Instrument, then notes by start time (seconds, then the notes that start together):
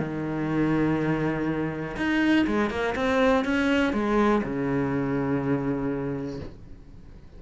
cello
0.00 D#3
1.97 D#4
2.47 G#3
2.70 A#3
2.96 C4
3.45 C#4
3.93 G#3
4.44 C#3